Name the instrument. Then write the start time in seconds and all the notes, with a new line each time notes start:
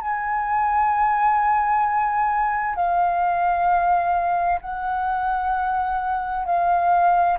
flute
0.00 G#5
2.75 F5
4.61 F#5
6.45 F5